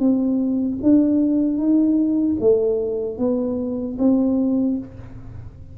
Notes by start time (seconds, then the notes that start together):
0.00 C4
0.83 D4
1.58 D#4
2.41 A3
3.19 B3
3.99 C4